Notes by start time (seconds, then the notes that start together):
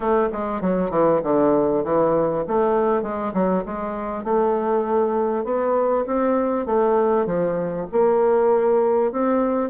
0.00 A3
0.32 G#3
0.61 F#3
0.90 E3
1.23 D3
1.83 E3
2.47 A3
3.02 G#3
3.33 F#3
3.65 G#3
4.23 A3
5.44 B3
6.06 C4
6.66 A3
7.26 F3
7.91 A#3
9.12 C4